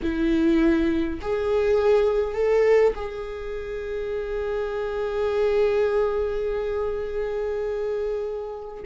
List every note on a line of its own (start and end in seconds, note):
0.02 1.20 E4
1.21 2.34 G#4
2.34 2.93 A4
2.95 8.83 G#4